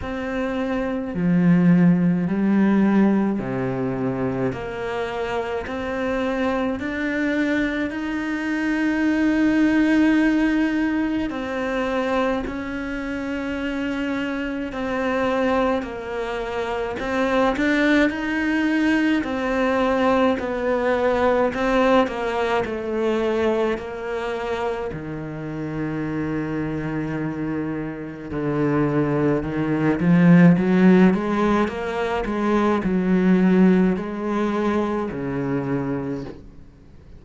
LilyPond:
\new Staff \with { instrumentName = "cello" } { \time 4/4 \tempo 4 = 53 c'4 f4 g4 c4 | ais4 c'4 d'4 dis'4~ | dis'2 c'4 cis'4~ | cis'4 c'4 ais4 c'8 d'8 |
dis'4 c'4 b4 c'8 ais8 | a4 ais4 dis2~ | dis4 d4 dis8 f8 fis8 gis8 | ais8 gis8 fis4 gis4 cis4 | }